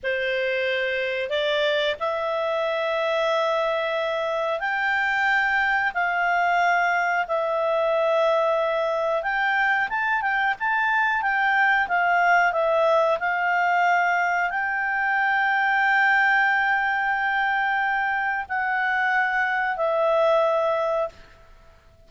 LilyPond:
\new Staff \with { instrumentName = "clarinet" } { \time 4/4 \tempo 4 = 91 c''2 d''4 e''4~ | e''2. g''4~ | g''4 f''2 e''4~ | e''2 g''4 a''8 g''8 |
a''4 g''4 f''4 e''4 | f''2 g''2~ | g''1 | fis''2 e''2 | }